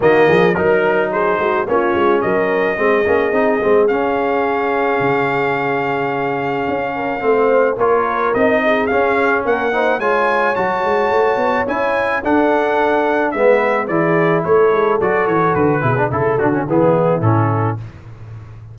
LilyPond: <<
  \new Staff \with { instrumentName = "trumpet" } { \time 4/4 \tempo 4 = 108 dis''4 ais'4 c''4 cis''4 | dis''2. f''4~ | f''1~ | f''2 cis''4 dis''4 |
f''4 fis''4 gis''4 a''4~ | a''4 gis''4 fis''2 | e''4 d''4 cis''4 d''8 cis''8 | b'4 a'8 fis'8 gis'4 a'4 | }
  \new Staff \with { instrumentName = "horn" } { \time 4/4 fis'8 gis'8 ais'4 gis'8 fis'8 f'4 | ais'4 gis'2.~ | gis'1~ | gis'8 ais'8 c''4 ais'4. gis'8~ |
gis'4 ais'8 c''8 cis''2~ | cis''2 a'2 | b'4 gis'4 a'2~ | a'8 gis'8 a'4 e'2 | }
  \new Staff \with { instrumentName = "trombone" } { \time 4/4 ais4 dis'2 cis'4~ | cis'4 c'8 cis'8 dis'8 c'8 cis'4~ | cis'1~ | cis'4 c'4 f'4 dis'4 |
cis'4. dis'8 f'4 fis'4~ | fis'4 e'4 d'2 | b4 e'2 fis'4~ | fis'8 e'16 d'16 e'8 d'16 cis'16 b4 cis'4 | }
  \new Staff \with { instrumentName = "tuba" } { \time 4/4 dis8 f8 fis4. gis8 ais8 gis8 | fis4 gis8 ais8 c'8 gis8 cis'4~ | cis'4 cis2. | cis'4 a4 ais4 c'4 |
cis'4 ais4 gis4 fis8 gis8 | a8 b8 cis'4 d'2 | gis4 e4 a8 gis8 fis8 e8 | d8 b,8 cis8 d8 e4 a,4 | }
>>